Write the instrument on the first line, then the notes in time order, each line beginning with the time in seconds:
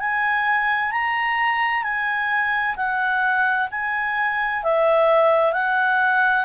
clarinet
0.00 G#5
0.91 A#5
1.83 G#5
2.76 F#5
3.71 G#5
4.64 E5
5.53 F#5